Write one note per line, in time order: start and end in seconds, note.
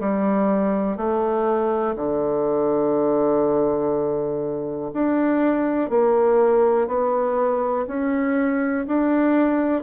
0.00 0.97 G3
0.97 1.95 A3
1.96 4.91 D3
4.94 5.90 D4
5.90 6.88 A#3
6.88 7.86 B3
7.87 8.86 C#4
8.87 9.83 D4